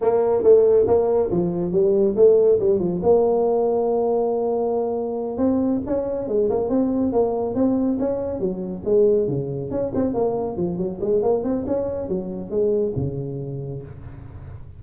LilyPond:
\new Staff \with { instrumentName = "tuba" } { \time 4/4 \tempo 4 = 139 ais4 a4 ais4 f4 | g4 a4 g8 f8 ais4~ | ais1~ | ais8 c'4 cis'4 gis8 ais8 c'8~ |
c'8 ais4 c'4 cis'4 fis8~ | fis8 gis4 cis4 cis'8 c'8 ais8~ | ais8 f8 fis8 gis8 ais8 c'8 cis'4 | fis4 gis4 cis2 | }